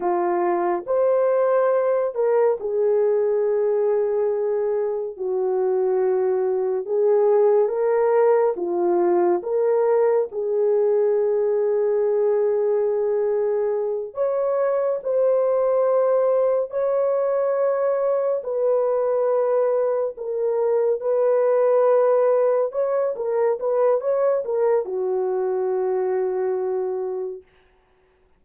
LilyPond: \new Staff \with { instrumentName = "horn" } { \time 4/4 \tempo 4 = 70 f'4 c''4. ais'8 gis'4~ | gis'2 fis'2 | gis'4 ais'4 f'4 ais'4 | gis'1~ |
gis'8 cis''4 c''2 cis''8~ | cis''4. b'2 ais'8~ | ais'8 b'2 cis''8 ais'8 b'8 | cis''8 ais'8 fis'2. | }